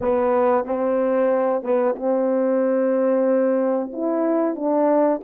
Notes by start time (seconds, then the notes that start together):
0.01 B3
0.65 C4
1.62 B3
1.95 C4
3.92 E4
4.55 D4